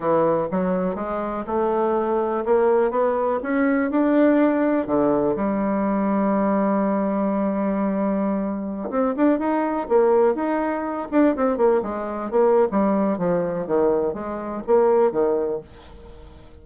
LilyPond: \new Staff \with { instrumentName = "bassoon" } { \time 4/4 \tempo 4 = 123 e4 fis4 gis4 a4~ | a4 ais4 b4 cis'4 | d'2 d4 g4~ | g1~ |
g2~ g16 c'8 d'8 dis'8.~ | dis'16 ais4 dis'4. d'8 c'8 ais16~ | ais16 gis4 ais8. g4 f4 | dis4 gis4 ais4 dis4 | }